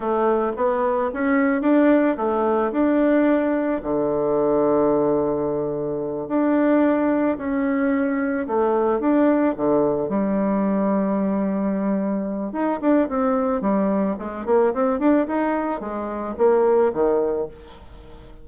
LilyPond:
\new Staff \with { instrumentName = "bassoon" } { \time 4/4 \tempo 4 = 110 a4 b4 cis'4 d'4 | a4 d'2 d4~ | d2.~ d8 d'8~ | d'4. cis'2 a8~ |
a8 d'4 d4 g4.~ | g2. dis'8 d'8 | c'4 g4 gis8 ais8 c'8 d'8 | dis'4 gis4 ais4 dis4 | }